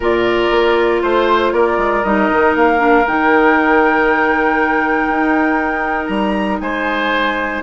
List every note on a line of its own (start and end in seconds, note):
0.00 0.50 A#2
0.00 2.04 F4
0.00 1.01 A#4
0.00 1.01 D5
0.51 1.01 A#3
1.01 1.52 A3
1.01 1.52 C5
1.01 1.53 C5
1.52 1.77 A#3
1.52 6.61 A#4
1.52 2.03 D5
1.77 2.02 G#3
2.03 2.29 G3
2.03 2.77 D#4
2.03 2.54 D#5
2.32 2.55 D#3
2.55 3.06 A#3
2.55 3.06 F5
2.77 3.03 D4
3.06 5.09 D#3
3.06 7.63 D#4
3.06 6.06 G5
5.09 6.08 D#4
6.06 6.59 G3
6.06 6.57 A#5
6.60 7.62 G#3
6.60 7.63 C5
6.60 7.62 G#5